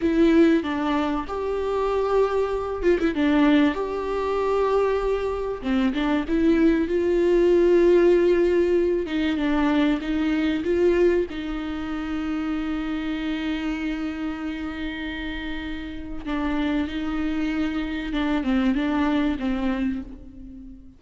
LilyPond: \new Staff \with { instrumentName = "viola" } { \time 4/4 \tempo 4 = 96 e'4 d'4 g'2~ | g'8 f'16 e'16 d'4 g'2~ | g'4 c'8 d'8 e'4 f'4~ | f'2~ f'8 dis'8 d'4 |
dis'4 f'4 dis'2~ | dis'1~ | dis'2 d'4 dis'4~ | dis'4 d'8 c'8 d'4 c'4 | }